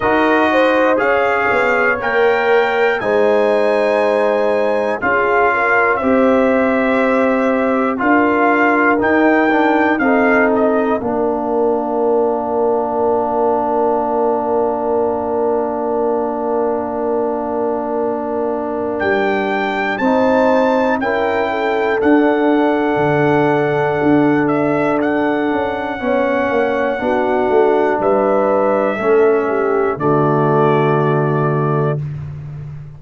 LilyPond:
<<
  \new Staff \with { instrumentName = "trumpet" } { \time 4/4 \tempo 4 = 60 dis''4 f''4 g''4 gis''4~ | gis''4 f''4 e''2 | f''4 g''4 f''8 dis''8 f''4~ | f''1~ |
f''2. g''4 | a''4 g''4 fis''2~ | fis''8 e''8 fis''2. | e''2 d''2 | }
  \new Staff \with { instrumentName = "horn" } { \time 4/4 ais'8 c''8 cis''2 c''4~ | c''4 gis'8 ais'8 c''2 | ais'2 a'4 ais'4~ | ais'1~ |
ais'1 | c''4 ais'8 a'2~ a'8~ | a'2 cis''4 fis'4 | b'4 a'8 g'8 fis'2 | }
  \new Staff \with { instrumentName = "trombone" } { \time 4/4 fis'4 gis'4 ais'4 dis'4~ | dis'4 f'4 g'2 | f'4 dis'8 d'8 dis'4 d'4~ | d'1~ |
d'1 | dis'4 e'4 d'2~ | d'2 cis'4 d'4~ | d'4 cis'4 a2 | }
  \new Staff \with { instrumentName = "tuba" } { \time 4/4 dis'4 cis'8 b8 ais4 gis4~ | gis4 cis'4 c'2 | d'4 dis'4 c'4 ais4~ | ais1~ |
ais2. g4 | c'4 cis'4 d'4 d4 | d'4. cis'8 b8 ais8 b8 a8 | g4 a4 d2 | }
>>